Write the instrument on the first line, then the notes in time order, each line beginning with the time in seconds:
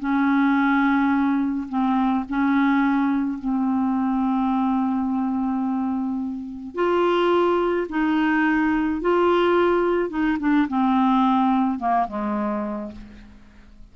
clarinet
0.00 C#4
1.69 C4
2.29 C#4
3.39 C4
6.75 F4
7.89 D#4
9.02 F4
10.10 D#4
10.40 D4
10.68 C4
11.79 A#3
12.08 G#3